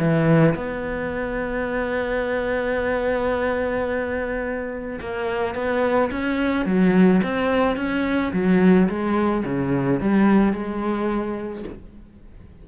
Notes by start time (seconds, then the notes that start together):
0.00 E3
0.56 B3
5.01 A#3
5.56 B3
6.12 C#4
6.66 F#3
7.24 C4
7.77 C#4
8.33 F#3
8.89 G#3
9.45 C#3
10.01 G3
10.53 G#3